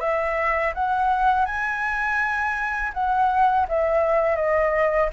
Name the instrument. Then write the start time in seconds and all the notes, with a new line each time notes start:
flute
0.00 E5
0.75 F#5
1.46 G#5
2.94 F#5
3.69 E5
4.36 D#5